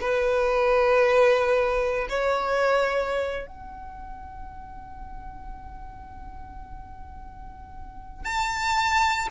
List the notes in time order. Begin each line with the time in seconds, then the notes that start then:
0.00 B4
2.09 C#5
3.46 F#5
8.24 A5